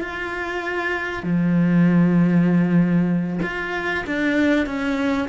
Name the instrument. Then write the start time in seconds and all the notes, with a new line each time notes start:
cello
0.00 F4
1.23 F3
3.42 F4
4.06 D4
4.66 C#4